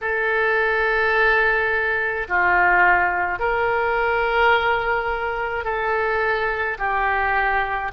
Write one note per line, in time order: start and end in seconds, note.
0.01 2.27 A4
2.28 3.39 F4
3.39 5.64 A#4
5.64 6.77 A4
6.78 7.91 G4